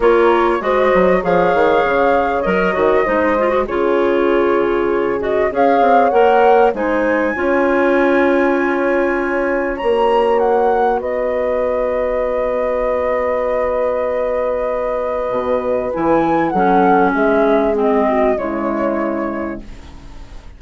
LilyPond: <<
  \new Staff \with { instrumentName = "flute" } { \time 4/4 \tempo 4 = 98 cis''4 dis''4 f''2 | dis''2 cis''2~ | cis''8 dis''8 f''4 fis''4 gis''4~ | gis''1 |
ais''4 fis''4 dis''2~ | dis''1~ | dis''2 gis''4 fis''4 | e''4 dis''4 cis''2 | }
  \new Staff \with { instrumentName = "horn" } { \time 4/4 ais'4 c''4 cis''2~ | cis''4 c''4 gis'2~ | gis'4 cis''2 c''4 | cis''1~ |
cis''2 b'2~ | b'1~ | b'2. a'4 | gis'4. fis'8 e'2 | }
  \new Staff \with { instrumentName = "clarinet" } { \time 4/4 f'4 fis'4 gis'2 | ais'8 fis'8 dis'8 f'16 fis'16 f'2~ | f'8 fis'8 gis'4 ais'4 dis'4 | f'1 |
fis'1~ | fis'1~ | fis'2 e'4 cis'4~ | cis'4 c'4 gis2 | }
  \new Staff \with { instrumentName = "bassoon" } { \time 4/4 ais4 gis8 fis8 f8 dis8 cis4 | fis8 dis8 gis4 cis2~ | cis4 cis'8 c'8 ais4 gis4 | cis'1 |
ais2 b2~ | b1~ | b4 b,4 e4 fis4 | gis2 cis2 | }
>>